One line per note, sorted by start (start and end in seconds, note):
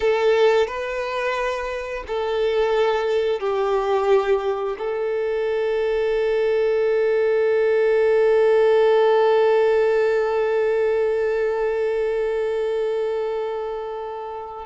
0.00 0.67 A4
0.67 2.03 B4
2.07 3.39 A4
3.39 4.76 G4
4.78 14.66 A4